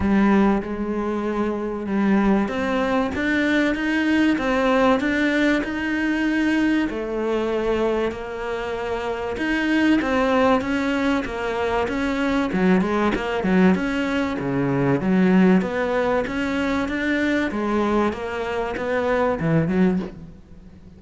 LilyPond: \new Staff \with { instrumentName = "cello" } { \time 4/4 \tempo 4 = 96 g4 gis2 g4 | c'4 d'4 dis'4 c'4 | d'4 dis'2 a4~ | a4 ais2 dis'4 |
c'4 cis'4 ais4 cis'4 | fis8 gis8 ais8 fis8 cis'4 cis4 | fis4 b4 cis'4 d'4 | gis4 ais4 b4 e8 fis8 | }